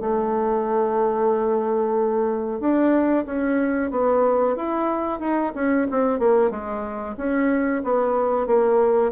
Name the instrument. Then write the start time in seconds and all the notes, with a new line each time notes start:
bassoon
0.00 A3
2.60 D4
3.25 C#4
3.91 B3
4.56 E4
5.19 D#4
5.54 C#4
5.91 C4
6.19 A#3
6.50 G#3
7.17 C#4
7.83 B3
8.46 A#3